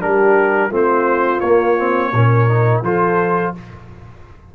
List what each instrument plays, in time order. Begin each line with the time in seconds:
0.00 tuba G3, trombone D4, horn G4, trumpet A#4
0.70 tuba A3, trombone C4, horn F4
0.76 trumpet C5
1.41 tuba A#3, trombone A#3, trumpet C#5
1.78 trombone C4
2.13 tuba A#2, trombone C#4, horn A#4
2.49 trombone D#4
2.82 tuba F3, trombone F4, horn A4, trumpet C5